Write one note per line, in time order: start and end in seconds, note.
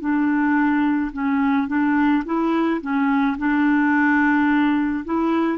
0.00 1.11 D4
1.13 1.67 C#4
1.67 2.23 D4
2.25 2.80 E4
2.81 3.37 C#4
3.38 5.05 D4
5.05 5.58 E4